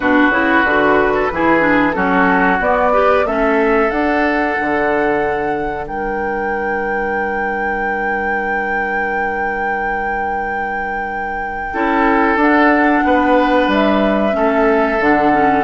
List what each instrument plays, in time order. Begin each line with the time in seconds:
0.00 bassoon B2, clarinet D4, oboe F#4, flute B4
0.30 bassoon C#3, clarinet E4
0.64 bassoon D3, clarinet F#4
1.14 oboe A4
1.31 bassoon E3, clarinet E4, oboe G#4
1.60 clarinet D4
1.92 bassoon F#3, clarinet C#4, oboe F#4, flute A4
2.60 bassoon B3, clarinet B3, flute D5
2.93 clarinet G4, oboe B4
3.24 bassoon A3, clarinet C#4, oboe A4, flute E5
3.89 clarinet D4, bassoon D4, flute F#5
4.60 bassoon D3
5.86 bassoon G3, oboe A#4, flute G5
11.73 bassoon C#4, clarinet E4, oboe A4
12.35 bassoon D4, clarinet D4, flute F#5
13.04 bassoon B3, oboe B4
13.67 bassoon G3, flute E5
14.31 bassoon A3, clarinet C#4, oboe A4
14.99 bassoon D3, clarinet D4, flute F#5
15.32 clarinet C#4